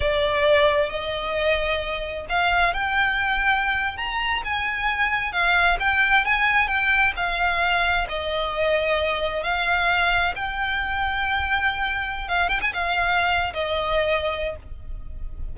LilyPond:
\new Staff \with { instrumentName = "violin" } { \time 4/4 \tempo 4 = 132 d''2 dis''2~ | dis''4 f''4 g''2~ | g''8. ais''4 gis''2 f''16~ | f''8. g''4 gis''4 g''4 f''16~ |
f''4.~ f''16 dis''2~ dis''16~ | dis''8. f''2 g''4~ g''16~ | g''2. f''8 g''16 gis''16 | f''4.~ f''16 dis''2~ dis''16 | }